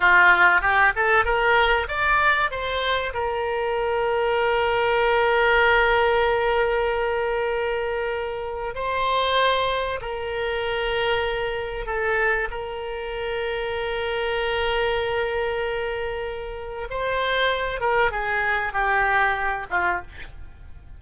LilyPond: \new Staff \with { instrumentName = "oboe" } { \time 4/4 \tempo 4 = 96 f'4 g'8 a'8 ais'4 d''4 | c''4 ais'2.~ | ais'1~ | ais'2 c''2 |
ais'2. a'4 | ais'1~ | ais'2. c''4~ | c''8 ais'8 gis'4 g'4. f'8 | }